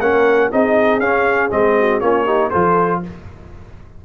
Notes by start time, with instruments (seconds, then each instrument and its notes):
0.00 tuba A#3, trombone C#4, horn A#4, trumpet F#5
0.51 tuba C4, trombone D#4, horn G#4, trumpet D#5
1.00 tuba C#4, trombone C#4, trumpet F5
1.50 tuba G#3, trombone C4, trumpet D#5
1.79 horn F#4
2.00 tuba A#3, trombone C#4, horn F4, trumpet C#5
2.25 trombone D#4, horn G4
2.50 tuba F3, trombone F4, horn A4, trumpet C5